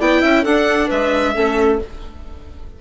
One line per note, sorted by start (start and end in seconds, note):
0.00 0.23 B3
0.00 0.46 E4
0.00 0.21 D5
0.00 0.45 G5
0.21 0.45 C#4
0.21 0.43 E5
0.43 0.90 D4
0.43 1.35 D4
0.43 0.88 A4
0.43 0.90 F#5
0.88 1.37 G#3
0.88 1.33 B4
0.88 1.80 E5
1.35 1.82 A3
1.35 1.80 C#4
1.35 1.79 A4